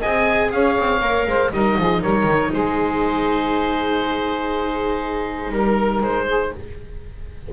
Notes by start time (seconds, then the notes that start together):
0.00 C4 G#4 D#5 G#5
0.52 C#4 C#5 F5
0.79 C4
1.01 A#3 A#4
1.26 G#3 C5
1.52 G3 D#4 A#4 D#5
1.78 F3 G#4
2.00 G3 A#4 C#5
2.23 D#3
2.53 G#3 G#4 C5
5.52 G3 A#4
6.01 G#3 C5
6.26 G#4